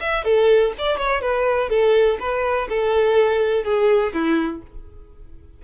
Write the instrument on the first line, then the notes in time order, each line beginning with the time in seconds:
violin
0.00 E5
0.24 A4
0.78 D5
0.97 C#5
1.21 B4
1.69 A4
2.20 B4
2.69 A4
3.64 G#4
4.13 E4